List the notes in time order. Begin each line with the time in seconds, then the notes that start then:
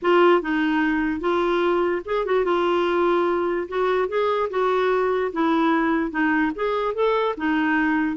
0.02 F4
0.41 D#4
1.20 F4
2.05 G#4
2.25 F#4
2.45 F4
3.68 F#4
4.08 G#4
4.50 F#4
5.32 E4
6.11 D#4
6.55 G#4
6.94 A4
7.37 D#4